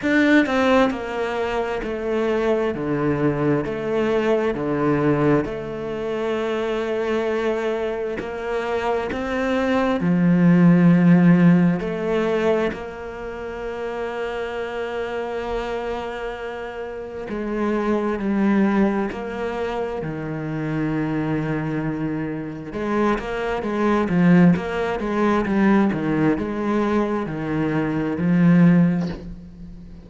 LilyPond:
\new Staff \with { instrumentName = "cello" } { \time 4/4 \tempo 4 = 66 d'8 c'8 ais4 a4 d4 | a4 d4 a2~ | a4 ais4 c'4 f4~ | f4 a4 ais2~ |
ais2. gis4 | g4 ais4 dis2~ | dis4 gis8 ais8 gis8 f8 ais8 gis8 | g8 dis8 gis4 dis4 f4 | }